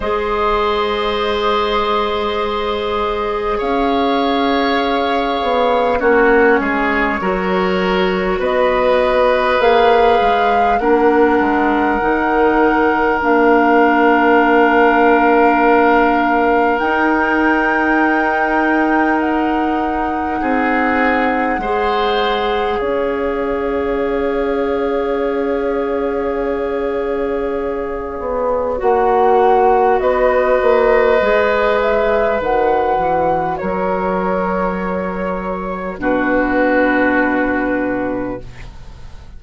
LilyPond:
<<
  \new Staff \with { instrumentName = "flute" } { \time 4/4 \tempo 4 = 50 dis''2. f''4~ | f''4 cis''2 dis''4 | f''4 fis''2 f''4~ | f''2 g''2 |
fis''2. f''4~ | f''1 | fis''4 dis''4. e''8 fis''4 | cis''2 b'2 | }
  \new Staff \with { instrumentName = "oboe" } { \time 4/4 c''2. cis''4~ | cis''4 fis'8 gis'8 ais'4 b'4~ | b'4 ais'2.~ | ais'1~ |
ais'4 gis'4 c''4 cis''4~ | cis''1~ | cis''4 b'2. | ais'2 fis'2 | }
  \new Staff \with { instrumentName = "clarinet" } { \time 4/4 gis'1~ | gis'4 cis'4 fis'2 | gis'4 d'4 dis'4 d'4~ | d'2 dis'2~ |
dis'2 gis'2~ | gis'1 | fis'2 gis'4 fis'4~ | fis'2 d'2 | }
  \new Staff \with { instrumentName = "bassoon" } { \time 4/4 gis2. cis'4~ | cis'8 b8 ais8 gis8 fis4 b4 | ais8 gis8 ais8 gis8 dis4 ais4~ | ais2 dis'2~ |
dis'4 c'4 gis4 cis'4~ | cis'2.~ cis'8 b8 | ais4 b8 ais8 gis4 dis8 e8 | fis2 b,2 | }
>>